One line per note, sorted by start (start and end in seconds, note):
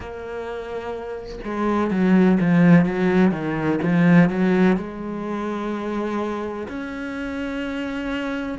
0.00 1.38 A#3
1.44 1.90 G#3
1.90 2.38 F#3
2.40 2.85 F3
2.85 3.31 F#3
3.31 3.79 D#3
3.82 4.29 F3
4.29 4.77 F#3
4.77 6.67 G#3
6.68 8.58 C#4